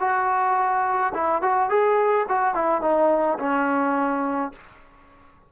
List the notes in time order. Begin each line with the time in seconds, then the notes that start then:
0.00 F#4
1.14 E4
1.42 F#4
1.70 G#4
2.29 F#4
2.55 E4
2.82 D#4
3.39 C#4